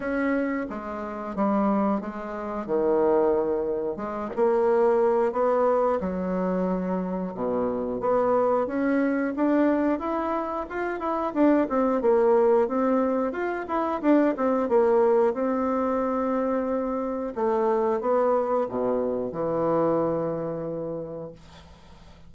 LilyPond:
\new Staff \with { instrumentName = "bassoon" } { \time 4/4 \tempo 4 = 90 cis'4 gis4 g4 gis4 | dis2 gis8 ais4. | b4 fis2 b,4 | b4 cis'4 d'4 e'4 |
f'8 e'8 d'8 c'8 ais4 c'4 | f'8 e'8 d'8 c'8 ais4 c'4~ | c'2 a4 b4 | b,4 e2. | }